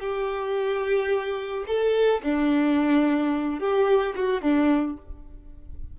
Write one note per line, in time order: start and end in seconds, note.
0.00 1.65 G4
1.67 2.22 A4
2.23 3.60 D4
3.60 4.15 G4
4.15 4.42 F#4
4.42 4.97 D4